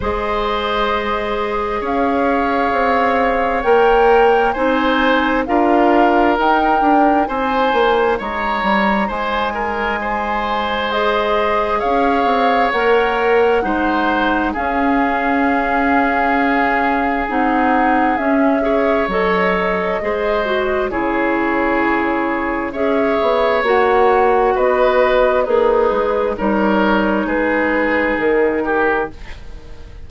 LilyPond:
<<
  \new Staff \with { instrumentName = "flute" } { \time 4/4 \tempo 4 = 66 dis''2 f''2 | g''4 gis''4 f''4 g''4 | gis''4 ais''4 gis''2 | dis''4 f''4 fis''2 |
f''2. fis''4 | e''4 dis''2 cis''4~ | cis''4 e''4 fis''4 dis''4 | b'4 cis''4 b'4 ais'4 | }
  \new Staff \with { instrumentName = "oboe" } { \time 4/4 c''2 cis''2~ | cis''4 c''4 ais'2 | c''4 cis''4 c''8 ais'8 c''4~ | c''4 cis''2 c''4 |
gis'1~ | gis'8 cis''4. c''4 gis'4~ | gis'4 cis''2 b'4 | dis'4 ais'4 gis'4. g'8 | }
  \new Staff \with { instrumentName = "clarinet" } { \time 4/4 gis'1 | ais'4 dis'4 f'4 dis'4~ | dis'1 | gis'2 ais'4 dis'4 |
cis'2. dis'4 | cis'8 gis'8 a'4 gis'8 fis'8 e'4~ | e'4 gis'4 fis'2 | gis'4 dis'2. | }
  \new Staff \with { instrumentName = "bassoon" } { \time 4/4 gis2 cis'4 c'4 | ais4 c'4 d'4 dis'8 d'8 | c'8 ais8 gis8 g8 gis2~ | gis4 cis'8 c'8 ais4 gis4 |
cis'2. c'4 | cis'4 fis4 gis4 cis4~ | cis4 cis'8 b8 ais4 b4 | ais8 gis8 g4 gis4 dis4 | }
>>